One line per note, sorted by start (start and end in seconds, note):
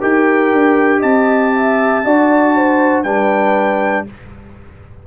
0.00 0.53 D#4
0.00 2.04 G4
0.00 1.00 A#4
0.00 1.02 G5
0.53 1.03 D4
1.00 2.05 C4
1.00 1.51 D#5
1.00 3.03 A5
1.55 2.05 E5
2.05 3.04 D4
2.05 3.05 F#4
2.05 2.56 D5
2.56 3.04 C5
3.03 4.06 G3
3.03 4.07 D4
3.03 4.06 B4
3.03 4.05 G5